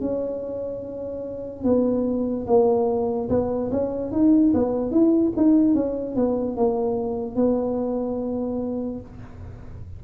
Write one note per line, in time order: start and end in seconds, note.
0.00 1.63 C#4
1.63 2.45 B3
2.46 3.28 A#3
3.29 3.70 B3
3.71 4.11 C#4
4.11 4.52 D#4
4.54 4.91 B3
4.91 5.32 E4
5.36 5.74 D#4
5.74 6.15 C#4
6.15 6.56 B3
6.56 7.35 A#3
7.35 9.00 B3